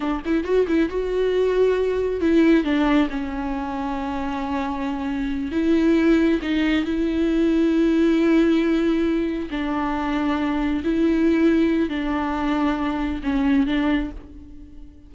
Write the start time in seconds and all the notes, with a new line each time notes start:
0.00 D4
0.25 E4
0.44 F#4
0.67 E4
0.89 F#4
2.20 E4
2.64 D4
3.10 C#4
5.51 E4
6.42 D#4
6.84 E4
9.50 D4
10.84 E4
11.89 D4
13.23 C#4
13.66 D4